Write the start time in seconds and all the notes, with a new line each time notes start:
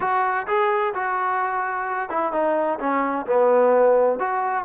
0.00 F#4
0.47 G#4
0.94 F#4
2.09 E4
2.32 D#4
2.79 C#4
3.26 B3
4.19 F#4